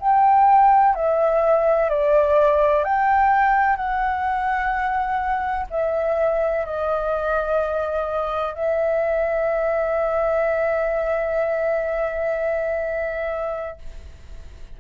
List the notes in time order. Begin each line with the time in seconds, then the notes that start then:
0.00 G5
0.95 E5
1.90 D5
2.84 G5
3.76 F#5
5.71 E5
6.66 D#5
8.55 E5